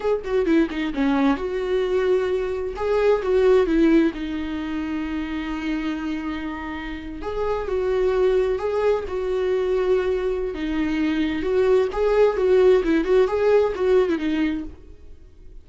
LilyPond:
\new Staff \with { instrumentName = "viola" } { \time 4/4 \tempo 4 = 131 gis'8 fis'8 e'8 dis'8 cis'4 fis'4~ | fis'2 gis'4 fis'4 | e'4 dis'2.~ | dis'2.~ dis'8. gis'16~ |
gis'8. fis'2 gis'4 fis'16~ | fis'2. dis'4~ | dis'4 fis'4 gis'4 fis'4 | e'8 fis'8 gis'4 fis'8. e'16 dis'4 | }